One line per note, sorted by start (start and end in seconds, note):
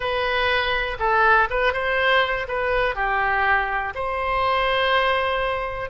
0.00 0.97 B4
0.99 1.48 A4
1.50 1.73 B4
1.73 2.46 C5
2.48 2.95 B4
2.95 3.93 G4
3.94 5.90 C5